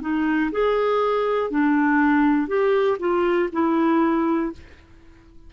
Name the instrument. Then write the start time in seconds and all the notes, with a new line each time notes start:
clarinet
0.00 D#4
0.51 G#4
1.50 D4
2.47 G4
2.99 F4
3.52 E4